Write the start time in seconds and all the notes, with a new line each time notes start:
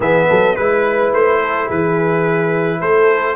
0.00 E3 B3 G#4 E5
0.29 F#3 A4
0.55 G#3 E4 B4
1.13 A3 C5
1.41 A4
1.66 E3 G#4 B4
2.79 A3 A4 C5